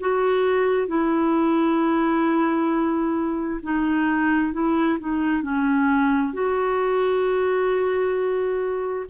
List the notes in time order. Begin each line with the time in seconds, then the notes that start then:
0.00 F#4
0.88 E4
3.63 D#4
4.53 E4
5.00 D#4
5.43 C#4
6.33 F#4